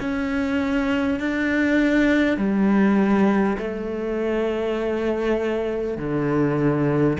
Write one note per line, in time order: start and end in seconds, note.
0.00 1.19 C#4
1.19 2.37 D4
2.37 3.57 G3
3.58 5.98 A3
5.98 7.18 D3